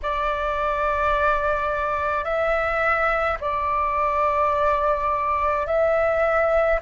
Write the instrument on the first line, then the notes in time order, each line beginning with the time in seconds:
flute
0.02 D5
2.24 E5
3.40 D5
5.66 E5